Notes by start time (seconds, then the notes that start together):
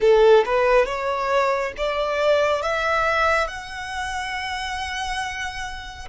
0.00 A4
0.45 B4
0.85 C#5
1.77 D5
2.62 E5
3.47 F#5